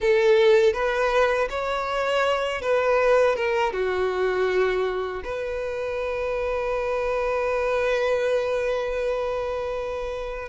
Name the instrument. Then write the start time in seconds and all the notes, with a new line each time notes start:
violin
0.00 A4
0.73 B4
1.49 C#5
2.61 B4
3.35 A#4
3.72 F#4
5.24 B4